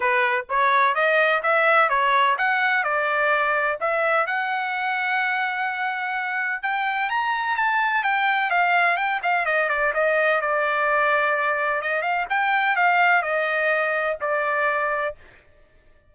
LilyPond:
\new Staff \with { instrumentName = "trumpet" } { \time 4/4 \tempo 4 = 127 b'4 cis''4 dis''4 e''4 | cis''4 fis''4 d''2 | e''4 fis''2.~ | fis''2 g''4 ais''4 |
a''4 g''4 f''4 g''8 f''8 | dis''8 d''8 dis''4 d''2~ | d''4 dis''8 f''8 g''4 f''4 | dis''2 d''2 | }